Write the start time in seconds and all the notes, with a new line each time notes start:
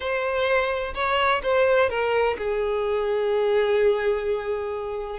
0.00 C5
0.94 C#5
1.43 C5
1.89 A#4
2.38 G#4